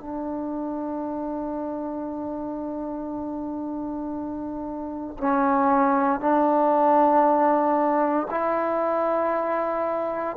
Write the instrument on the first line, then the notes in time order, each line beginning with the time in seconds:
trombone
0.00 D4
5.18 C#4
6.21 D4
8.31 E4